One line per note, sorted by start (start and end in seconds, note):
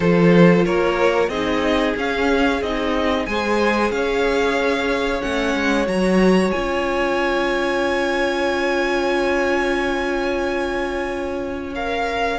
0.00 0.65 F3
0.00 1.31 F4
0.00 0.65 A4
0.00 0.65 C5
0.65 1.28 A#3
0.65 1.30 A#4
0.65 1.29 C#5
1.28 1.93 C4
1.28 1.96 D#4
1.28 3.25 G#4
1.28 1.94 D#5
1.96 2.61 C#4
1.96 2.62 C#4
1.96 2.62 F5
2.61 3.26 C4
2.61 3.26 D#4
2.61 3.25 D#5
3.25 3.90 G#3
3.25 5.21 G#4
3.25 3.94 C5
3.25 3.91 G#5
3.90 5.21 C#4
3.90 12.39 C#5
3.90 5.21 F5
5.21 5.54 A3
5.21 5.85 C#4
5.21 5.87 F#5
5.54 5.87 G#3
5.85 6.52 F#3
5.85 6.51 F#4
5.85 6.51 A#5
6.51 12.39 C#4
6.51 11.74 F4
6.51 11.73 G#5
11.75 12.39 A#4
11.75 12.39 F5